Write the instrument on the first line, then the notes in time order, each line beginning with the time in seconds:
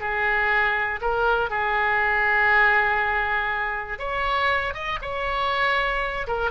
oboe
0.00 G#4
1.01 A#4
1.50 G#4
3.99 C#5
4.74 D#5
5.02 C#5
6.27 A#4